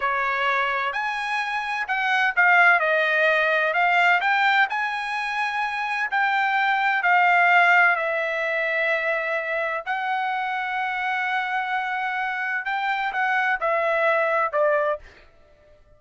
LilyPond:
\new Staff \with { instrumentName = "trumpet" } { \time 4/4 \tempo 4 = 128 cis''2 gis''2 | fis''4 f''4 dis''2 | f''4 g''4 gis''2~ | gis''4 g''2 f''4~ |
f''4 e''2.~ | e''4 fis''2.~ | fis''2. g''4 | fis''4 e''2 d''4 | }